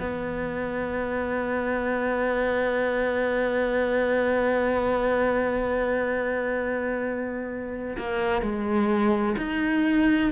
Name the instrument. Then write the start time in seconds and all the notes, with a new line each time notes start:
cello
0.00 B3
7.98 A#3
8.42 G#3
9.38 D#4